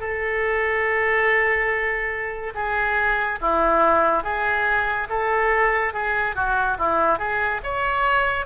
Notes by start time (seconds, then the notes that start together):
0.00 A4
2.55 G#4
3.41 E4
4.24 G#4
5.10 A4
5.94 G#4
6.36 F#4
6.79 E4
7.19 G#4
7.64 C#5